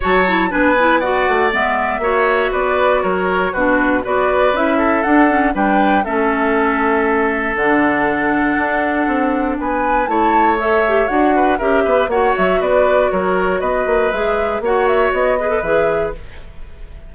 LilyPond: <<
  \new Staff \with { instrumentName = "flute" } { \time 4/4 \tempo 4 = 119 a''4 gis''4 fis''4 e''4~ | e''4 d''4 cis''4 b'4 | d''4 e''4 fis''4 g''4 | e''2. fis''4~ |
fis''2. gis''4 | a''4 e''4 fis''4 e''4 | fis''8 e''8 d''4 cis''4 dis''4 | e''4 fis''8 e''8 dis''4 e''4 | }
  \new Staff \with { instrumentName = "oboe" } { \time 4/4 cis''4 b'4 d''2 | cis''4 b'4 ais'4 fis'4 | b'4. a'4. b'4 | a'1~ |
a'2. b'4 | cis''2~ cis''8 b'8 ais'8 b'8 | cis''4 b'4 ais'4 b'4~ | b'4 cis''4. b'4. | }
  \new Staff \with { instrumentName = "clarinet" } { \time 4/4 fis'8 e'8 d'8 e'8 fis'4 b4 | fis'2. d'4 | fis'4 e'4 d'8 cis'8 d'4 | cis'2. d'4~ |
d'1 | e'4 a'8 g'8 fis'4 g'4 | fis'1 | gis'4 fis'4. gis'16 a'16 gis'4 | }
  \new Staff \with { instrumentName = "bassoon" } { \time 4/4 fis4 b4. a8 gis4 | ais4 b4 fis4 b,4 | b4 cis'4 d'4 g4 | a2. d4~ |
d4 d'4 c'4 b4 | a2 d'4 cis'8 b8 | ais8 fis8 b4 fis4 b8 ais8 | gis4 ais4 b4 e4 | }
>>